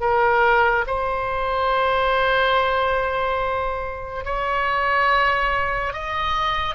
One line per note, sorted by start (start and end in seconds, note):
0.00 0.85 A#4
0.86 4.24 C5
4.24 5.93 C#5
5.93 6.75 D#5